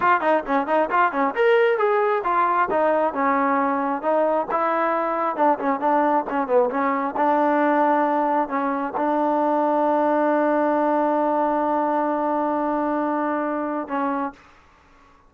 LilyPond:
\new Staff \with { instrumentName = "trombone" } { \time 4/4 \tempo 4 = 134 f'8 dis'8 cis'8 dis'8 f'8 cis'8 ais'4 | gis'4 f'4 dis'4 cis'4~ | cis'4 dis'4 e'2 | d'8 cis'8 d'4 cis'8 b8 cis'4 |
d'2. cis'4 | d'1~ | d'1~ | d'2. cis'4 | }